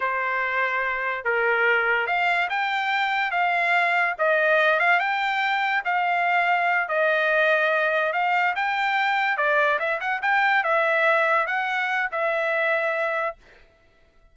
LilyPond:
\new Staff \with { instrumentName = "trumpet" } { \time 4/4 \tempo 4 = 144 c''2. ais'4~ | ais'4 f''4 g''2 | f''2 dis''4. f''8 | g''2 f''2~ |
f''8 dis''2. f''8~ | f''8 g''2 d''4 e''8 | fis''8 g''4 e''2 fis''8~ | fis''4 e''2. | }